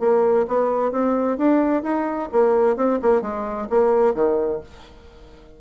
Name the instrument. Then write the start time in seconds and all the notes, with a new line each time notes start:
bassoon
0.00 A#3
0.48 B3
0.92 C4
1.38 D4
1.83 D#4
2.32 A#3
2.77 C4
3.02 A#3
3.22 G#3
3.70 A#3
4.15 D#3